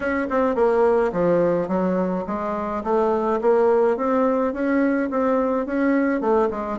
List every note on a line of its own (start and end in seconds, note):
0.00 0.27 C#4
0.30 0.55 C4
0.55 1.11 A#3
1.12 1.67 F3
1.67 2.24 F#3
2.26 2.83 G#3
2.83 3.40 A3
3.41 3.96 A#3
3.96 4.53 C4
4.53 5.09 C#4
5.10 5.66 C4
5.66 6.20 C#4
6.20 6.49 A3
6.50 6.78 G#3